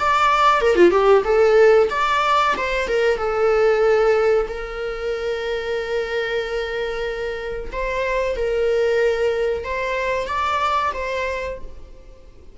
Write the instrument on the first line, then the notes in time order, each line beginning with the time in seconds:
viola
0.00 D5
0.62 A#4
0.76 F4
0.91 G4
1.25 A4
1.90 D5
2.57 C5
2.88 A#4
3.18 A4
4.49 A#4
7.73 C5
8.37 A#4
9.65 C5
10.28 D5
10.94 C5